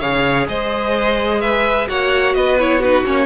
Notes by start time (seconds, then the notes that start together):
0.00 C#3 G#4 C#5 F5
0.48 G#3 C5 D#5
1.41 B4 E5
1.89 A#3 F#4 C#5 F#5
2.35 B3 B4 D#5
2.60 E4 C#5
2.79 D#4 F#4 B4
3.06 A#3 C#4 C#5